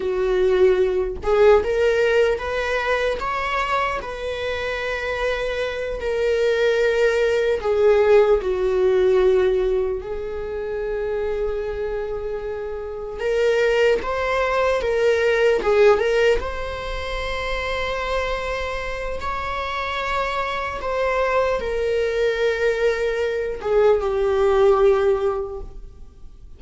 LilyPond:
\new Staff \with { instrumentName = "viola" } { \time 4/4 \tempo 4 = 75 fis'4. gis'8 ais'4 b'4 | cis''4 b'2~ b'8 ais'8~ | ais'4. gis'4 fis'4.~ | fis'8 gis'2.~ gis'8~ |
gis'8 ais'4 c''4 ais'4 gis'8 | ais'8 c''2.~ c''8 | cis''2 c''4 ais'4~ | ais'4. gis'8 g'2 | }